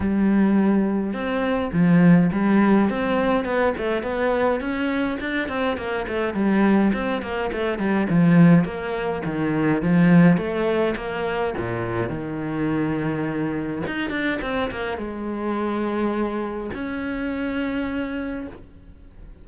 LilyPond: \new Staff \with { instrumentName = "cello" } { \time 4/4 \tempo 4 = 104 g2 c'4 f4 | g4 c'4 b8 a8 b4 | cis'4 d'8 c'8 ais8 a8 g4 | c'8 ais8 a8 g8 f4 ais4 |
dis4 f4 a4 ais4 | ais,4 dis2. | dis'8 d'8 c'8 ais8 gis2~ | gis4 cis'2. | }